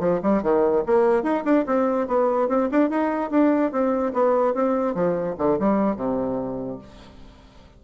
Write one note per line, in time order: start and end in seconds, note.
0.00 0.21 F3
0.23 0.43 G3
0.43 0.84 D#3
0.86 1.23 A#3
1.23 1.44 D#4
1.45 1.65 D4
1.67 2.08 C4
2.08 2.49 B3
2.49 2.69 C4
2.72 2.90 D4
2.90 3.31 D#4
3.31 3.72 D4
3.72 4.13 C4
4.14 4.54 B3
4.54 4.95 C4
4.95 5.36 F3
5.38 5.59 D3
5.60 5.97 G3
5.97 6.79 C3